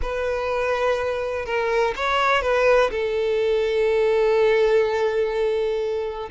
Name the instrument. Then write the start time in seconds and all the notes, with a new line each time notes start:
violin
0.02 B4
1.45 A#4
1.96 C#5
2.41 B4
2.90 A4